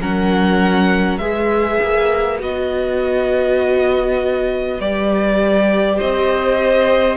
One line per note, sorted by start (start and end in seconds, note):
0.00 1.18 F#3
0.00 1.20 C#4
0.00 1.20 A#4
0.00 1.18 F#5
1.18 1.78 G#3
1.18 2.39 G#4
1.18 5.98 B4
1.18 2.38 E5
1.82 2.42 A#3
2.39 4.79 B3
2.39 4.79 F#4
2.39 4.80 D#5
4.79 5.99 G3
4.79 7.17 G4
4.79 6.00 D5
5.98 7.17 C4
5.98 7.17 C5
5.98 7.17 D#5